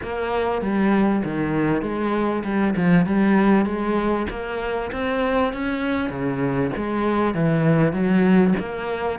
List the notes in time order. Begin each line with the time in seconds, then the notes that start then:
0.02 A#3
0.61 G3
1.24 D#3
1.82 G#3
2.44 G3
2.76 F3
3.06 G3
3.65 G#3
4.30 A#3
4.91 C4
5.53 C#4
6.09 C#3
6.76 G#3
7.34 E3
7.92 F#3
8.59 A#3